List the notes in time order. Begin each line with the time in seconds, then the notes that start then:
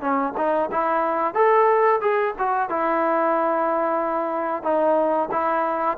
0.00 C#4
0.37 D#4
0.71 E4
1.34 A4
2.00 G#4
2.38 F#4
2.69 E4
4.62 D#4
5.31 E4